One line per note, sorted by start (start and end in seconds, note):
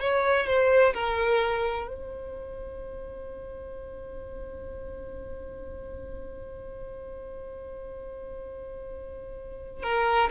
0.00 0.46 C#5
0.46 0.93 C5
0.94 1.87 A#4
1.87 9.83 C5
9.83 10.30 A#4